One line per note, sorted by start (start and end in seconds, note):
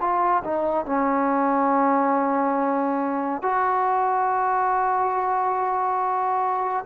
0.00 0.43 F4
0.44 0.85 D#4
0.85 3.42 C#4
3.42 6.85 F#4